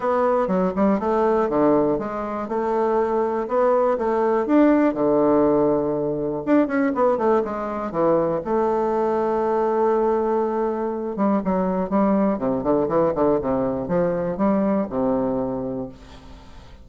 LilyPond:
\new Staff \with { instrumentName = "bassoon" } { \time 4/4 \tempo 4 = 121 b4 fis8 g8 a4 d4 | gis4 a2 b4 | a4 d'4 d2~ | d4 d'8 cis'8 b8 a8 gis4 |
e4 a2.~ | a2~ a8 g8 fis4 | g4 c8 d8 e8 d8 c4 | f4 g4 c2 | }